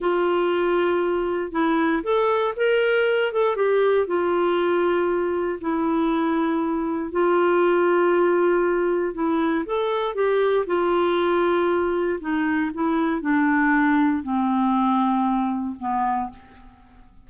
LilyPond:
\new Staff \with { instrumentName = "clarinet" } { \time 4/4 \tempo 4 = 118 f'2. e'4 | a'4 ais'4. a'8 g'4 | f'2. e'4~ | e'2 f'2~ |
f'2 e'4 a'4 | g'4 f'2. | dis'4 e'4 d'2 | c'2. b4 | }